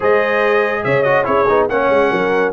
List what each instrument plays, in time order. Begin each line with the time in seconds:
0.00 tuba G#3, trombone G#4, horn C5, trumpet D#5
0.84 tuba C#3, horn C#5, trumpet E5
1.03 trombone F#4, trumpet D#5
1.24 tuba C#4, trombone E4, horn G#4, trumpet C#5
1.48 tuba B3, trombone D#4
1.68 tuba A#3, trombone C#4, horn C#5, trumpet F#5
1.89 tuba G#3
2.10 tuba F#3, horn A#4